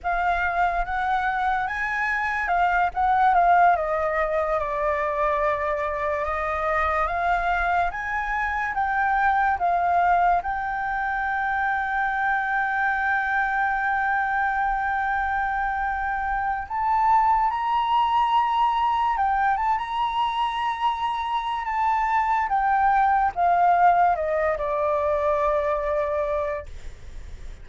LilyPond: \new Staff \with { instrumentName = "flute" } { \time 4/4 \tempo 4 = 72 f''4 fis''4 gis''4 f''8 fis''8 | f''8 dis''4 d''2 dis''8~ | dis''8 f''4 gis''4 g''4 f''8~ | f''8 g''2.~ g''8~ |
g''1 | a''4 ais''2 g''8 a''16 ais''16~ | ais''2 a''4 g''4 | f''4 dis''8 d''2~ d''8 | }